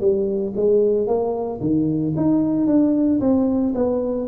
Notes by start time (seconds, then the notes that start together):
0.00 G3
0.56 G#3
1.07 A#3
1.60 D#3
2.16 D#4
2.66 D4
3.20 C4
3.75 B3